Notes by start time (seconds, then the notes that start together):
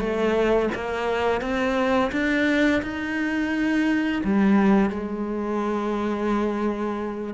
0.00 A3
0.75 A#3
1.42 C4
2.12 D4
2.83 D#4
4.24 G3
4.90 G#3